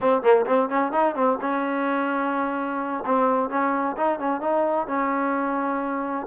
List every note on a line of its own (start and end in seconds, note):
0.00 0.22 C4
0.22 0.45 A#3
0.45 0.69 C4
0.69 0.92 C#4
0.92 1.15 D#4
1.15 1.38 C4
1.41 3.04 C#4
3.05 3.49 C4
3.49 3.96 C#4
3.96 4.19 D#4
4.19 4.40 C#4
4.40 4.87 D#4
4.87 6.26 C#4